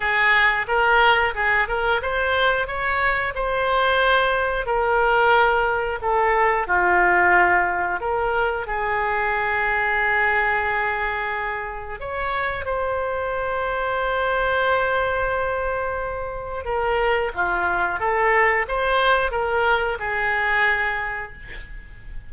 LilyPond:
\new Staff \with { instrumentName = "oboe" } { \time 4/4 \tempo 4 = 90 gis'4 ais'4 gis'8 ais'8 c''4 | cis''4 c''2 ais'4~ | ais'4 a'4 f'2 | ais'4 gis'2.~ |
gis'2 cis''4 c''4~ | c''1~ | c''4 ais'4 f'4 a'4 | c''4 ais'4 gis'2 | }